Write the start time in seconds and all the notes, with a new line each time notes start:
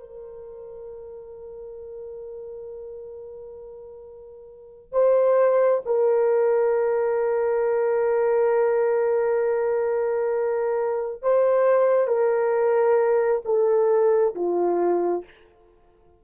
0.00 A#4
4.92 C5
5.86 A#4
11.22 C5
12.07 A#4
13.45 A4
14.35 F4